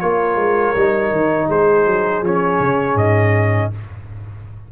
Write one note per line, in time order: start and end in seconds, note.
0.00 0.36 A#3
0.00 0.75 F4
0.00 1.49 A#4
0.00 1.48 C#5
0.36 0.73 G#3
0.75 1.11 G3
0.75 2.24 D#4
1.11 1.48 D#3
1.49 1.86 G#3
1.49 3.71 G#4
1.49 2.25 C5
1.86 2.22 F#3
2.22 2.59 F3
2.22 3.72 C#4
2.22 2.97 C#5
2.59 2.95 C#3
2.95 3.69 G#2
2.95 3.71 D#5